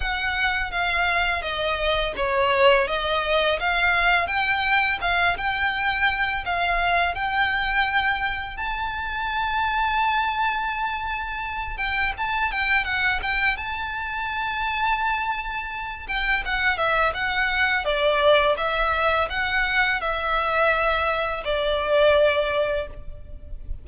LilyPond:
\new Staff \with { instrumentName = "violin" } { \time 4/4 \tempo 4 = 84 fis''4 f''4 dis''4 cis''4 | dis''4 f''4 g''4 f''8 g''8~ | g''4 f''4 g''2 | a''1~ |
a''8 g''8 a''8 g''8 fis''8 g''8 a''4~ | a''2~ a''8 g''8 fis''8 e''8 | fis''4 d''4 e''4 fis''4 | e''2 d''2 | }